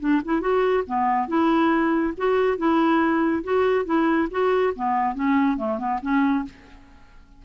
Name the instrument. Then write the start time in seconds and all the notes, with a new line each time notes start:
clarinet
0.00 D4
0.24 E4
0.41 F#4
0.87 B3
1.28 E4
2.17 F#4
2.57 E4
3.44 F#4
3.85 E4
4.31 F#4
4.76 B3
5.14 C#4
5.57 A3
5.78 B3
6.02 C#4